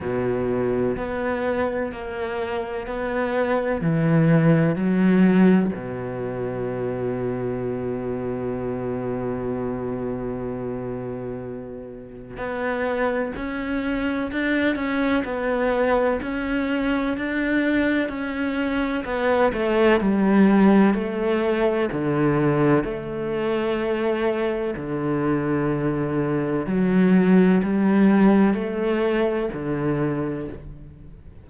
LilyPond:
\new Staff \with { instrumentName = "cello" } { \time 4/4 \tempo 4 = 63 b,4 b4 ais4 b4 | e4 fis4 b,2~ | b,1~ | b,4 b4 cis'4 d'8 cis'8 |
b4 cis'4 d'4 cis'4 | b8 a8 g4 a4 d4 | a2 d2 | fis4 g4 a4 d4 | }